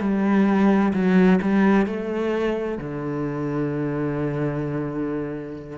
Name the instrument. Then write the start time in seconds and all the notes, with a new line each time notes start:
cello
0.00 G3
0.93 F#3
1.41 G3
1.86 A3
2.78 D3